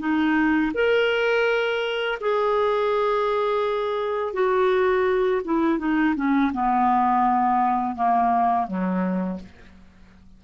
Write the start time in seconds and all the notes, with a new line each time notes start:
0.00 D#4
0.75 A#4
2.21 G#4
4.34 F#4
5.45 E4
5.79 D#4
6.16 C#4
6.53 B3
7.96 A#3
8.68 F#3